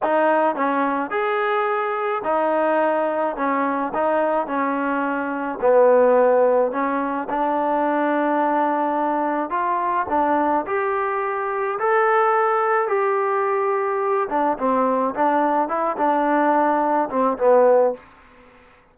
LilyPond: \new Staff \with { instrumentName = "trombone" } { \time 4/4 \tempo 4 = 107 dis'4 cis'4 gis'2 | dis'2 cis'4 dis'4 | cis'2 b2 | cis'4 d'2.~ |
d'4 f'4 d'4 g'4~ | g'4 a'2 g'4~ | g'4. d'8 c'4 d'4 | e'8 d'2 c'8 b4 | }